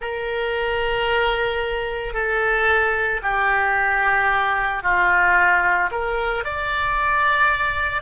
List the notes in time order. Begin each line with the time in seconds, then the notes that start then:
0.00 A#4
2.13 A4
3.22 G4
4.83 F4
5.91 A#4
6.44 D5